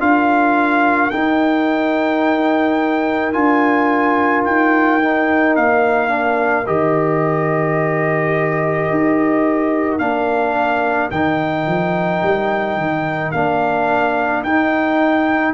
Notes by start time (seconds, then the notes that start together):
0.00 D4 F4 A#4 F5
1.10 D#4 G5
3.33 D4 F4 G#5
4.45 D#4 G5
5.01 D#4
5.56 A#3 F5
6.09 D4
6.66 D#3 G4 D#5
8.91 D#4
9.99 A#3 D4 F5
11.11 D#3 D#4 G5
11.66 F3
12.23 G3
12.77 D#3
13.32 A#3 D4 F5
14.43 D#4 G5